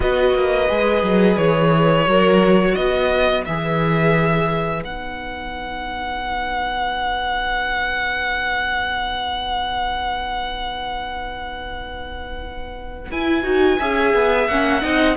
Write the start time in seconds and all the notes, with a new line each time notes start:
0.00 B3 F#4 B4 D#5
0.34 A#3
0.68 G#3 G#4
1.02 F#3
1.37 E3 C#5
2.05 F#3 F#4 A#4
2.75 B3 B4 D#5
3.45 E3 G#4 E5
4.81 B3 D#4 F#5
13.10 E4 G#5
13.43 D#4 F#4
13.78 C#4 G#4 E5
14.14 B3
14.47 A#3 C#4 F#5
14.81 C4 D#4 D#5